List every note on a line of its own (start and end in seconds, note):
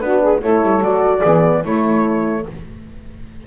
0.00 0.42 B3
0.00 0.41 D4
0.00 0.21 F#4
0.00 0.41 B4
0.21 0.41 G#4
0.42 0.62 A3
0.42 0.82 E4
0.42 1.19 A4
0.42 0.83 C#5
0.62 0.81 G3
0.81 1.22 F#3
0.81 1.23 F#4
0.81 1.64 D5
1.19 1.65 E3
1.19 1.60 G#4
1.26 1.66 B3
1.62 2.46 A3
1.62 2.47 A3
1.62 2.43 E4
1.62 2.47 C#5